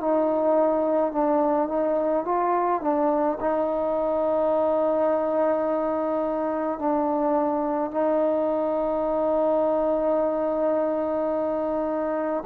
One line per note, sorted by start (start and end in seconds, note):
0.00 1.12 D#4
1.12 1.68 D4
1.68 2.25 D#4
2.25 2.81 F4
2.81 3.38 D4
3.40 6.79 D#4
6.79 7.91 D4
7.91 12.44 D#4